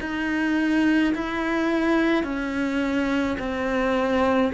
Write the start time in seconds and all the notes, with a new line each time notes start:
0.00 D#4
1.14 E4
2.23 C#4
3.39 C4